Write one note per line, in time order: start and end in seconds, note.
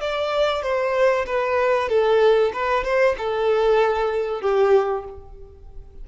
0.00 0.62 D5
0.62 1.25 C5
1.26 1.88 B4
1.88 2.51 A4
2.53 2.84 B4
2.84 3.16 C5
3.18 4.41 A4
4.41 5.04 G4